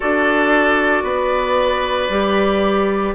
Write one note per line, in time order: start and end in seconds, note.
0.00 1.03 D4
0.00 2.10 F#4
0.00 1.03 A4
0.00 3.14 D5
1.03 2.08 B3
1.03 3.14 B4
2.09 3.14 G3
2.09 3.15 G4